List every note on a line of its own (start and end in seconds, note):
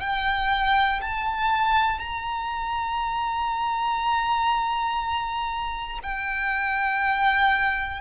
0.00 1.00 G5
1.01 1.99 A5
1.99 5.99 A#5
6.02 8.01 G5